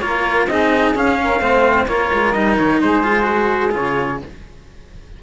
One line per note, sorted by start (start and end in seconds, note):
0.00 0.47 A#3
0.00 0.48 F4
0.00 0.49 A#4
0.00 0.47 C#5
0.47 0.93 C4
0.47 0.96 D#4
0.47 1.19 G#4
0.47 0.94 D#5
0.95 1.39 C#4
0.95 1.41 C#4
0.95 1.87 F5
1.23 1.41 A#4
1.39 1.86 A3
1.39 1.88 C4
1.39 1.88 C5
1.87 2.10 A#3
1.87 2.35 F4
1.87 2.81 A#4
1.87 2.33 C#5
2.13 2.35 G#3
2.33 2.59 G3
2.33 3.03 D#4
2.33 2.56 D#5
2.58 2.82 D#3
2.58 2.81 C#5
2.81 3.75 G#3
2.81 4.22 G#4
2.81 3.74 C5
3.03 3.23 F4
3.23 3.69 F#4
3.71 4.22 C#3
3.71 4.18 F4
3.71 4.22 C#5